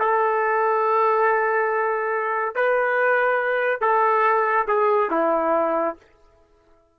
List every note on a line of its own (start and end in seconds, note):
0.00 2.56 A4
2.56 3.81 B4
3.81 4.67 A4
4.68 5.11 G#4
5.11 5.96 E4